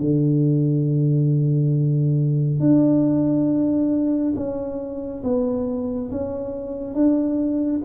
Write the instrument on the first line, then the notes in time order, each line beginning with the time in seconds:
tuba
0.00 D3
2.59 D4
4.35 C#4
5.23 B3
6.11 C#4
6.94 D4